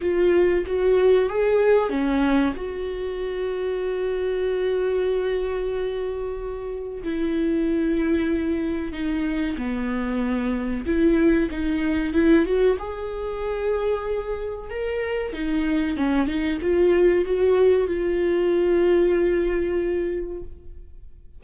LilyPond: \new Staff \with { instrumentName = "viola" } { \time 4/4 \tempo 4 = 94 f'4 fis'4 gis'4 cis'4 | fis'1~ | fis'2. e'4~ | e'2 dis'4 b4~ |
b4 e'4 dis'4 e'8 fis'8 | gis'2. ais'4 | dis'4 cis'8 dis'8 f'4 fis'4 | f'1 | }